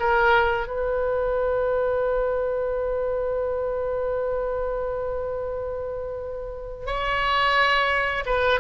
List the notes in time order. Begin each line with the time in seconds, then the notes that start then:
0.00 A#4
0.67 B4
6.87 C#5
8.26 B4